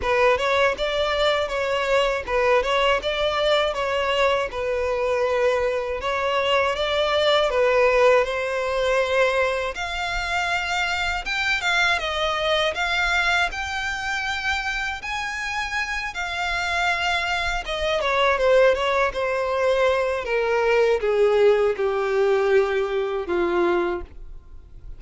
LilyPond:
\new Staff \with { instrumentName = "violin" } { \time 4/4 \tempo 4 = 80 b'8 cis''8 d''4 cis''4 b'8 cis''8 | d''4 cis''4 b'2 | cis''4 d''4 b'4 c''4~ | c''4 f''2 g''8 f''8 |
dis''4 f''4 g''2 | gis''4. f''2 dis''8 | cis''8 c''8 cis''8 c''4. ais'4 | gis'4 g'2 f'4 | }